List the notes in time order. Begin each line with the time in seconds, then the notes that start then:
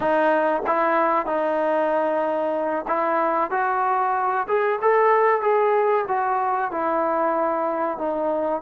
0.00 D#4
0.66 E4
1.26 D#4
2.87 E4
3.50 F#4
4.47 G#4
4.81 A4
5.41 G#4
6.08 F#4
6.71 E4
7.98 D#4